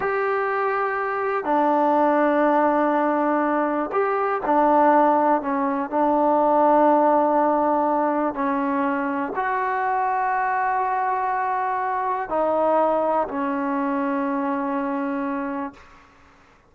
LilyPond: \new Staff \with { instrumentName = "trombone" } { \time 4/4 \tempo 4 = 122 g'2. d'4~ | d'1 | g'4 d'2 cis'4 | d'1~ |
d'4 cis'2 fis'4~ | fis'1~ | fis'4 dis'2 cis'4~ | cis'1 | }